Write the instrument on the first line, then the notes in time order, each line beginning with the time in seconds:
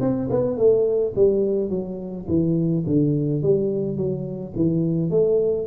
tuba
0.00 C4
0.30 B3
0.56 A3
1.16 G3
1.69 F#3
2.28 E3
2.86 D3
3.42 G3
3.96 F#3
4.55 E3
5.10 A3